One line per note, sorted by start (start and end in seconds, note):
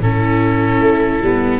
0.00 0.79 A2
0.00 1.22 C#4
0.00 1.59 E4
0.00 1.59 A4
0.79 1.19 A3
1.22 1.59 G3
1.22 1.59 B3